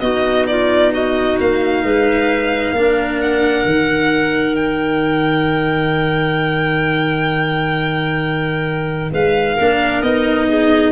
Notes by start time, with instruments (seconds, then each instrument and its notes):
0.00 tuba B3, cello D#4, clarinet F#4, violin D#5
0.47 clarinet F4, violin D5
0.92 clarinet F#4, violin D#5
1.39 tuba A#3, violin F5
1.83 tuba G#3, clarinet B4
2.72 tuba A#3, cello D4, clarinet A#4
3.21 violin F#5
3.65 tuba D#3, cello D#4
4.55 violin G5
9.12 tuba G#3, clarinet B4, violin F5
9.55 tuba A#3, cello D4, clarinet A#4
10.02 tuba B3, cello D#4, violin D#5
10.48 clarinet G#4